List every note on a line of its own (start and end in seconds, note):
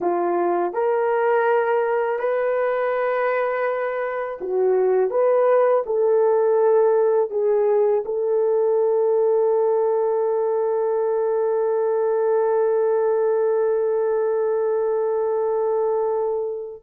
0.00 0.73 F4
0.73 2.19 A#4
2.19 4.38 B4
4.41 5.10 F#4
5.10 5.83 B4
5.85 7.30 A4
7.30 8.03 G#4
8.05 16.83 A4